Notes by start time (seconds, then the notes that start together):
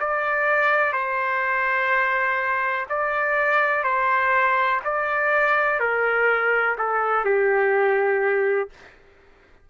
0.00 D5
0.93 C5
2.89 D5
3.84 C5
4.84 D5
5.79 A#4
6.78 A4
7.24 G4